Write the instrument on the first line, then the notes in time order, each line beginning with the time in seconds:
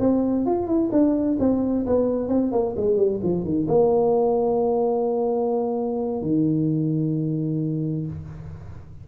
tuba
0.00 C4
0.46 F4
0.67 E4
0.92 D4
1.40 C4
1.86 B3
2.29 C4
2.52 A#3
2.77 G#3
2.97 G3
3.23 F3
3.44 D#3
3.68 A#3
6.22 D#3